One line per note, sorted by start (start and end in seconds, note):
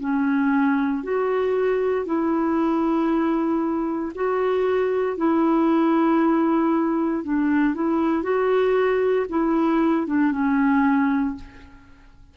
0.00 1.03 C#4
1.03 2.06 F#4
2.06 4.13 E4
4.15 5.17 F#4
5.17 7.24 E4
7.24 7.74 D4
7.74 8.23 E4
8.23 9.26 F#4
9.30 10.07 E4
10.07 10.32 D4
10.32 11.36 C#4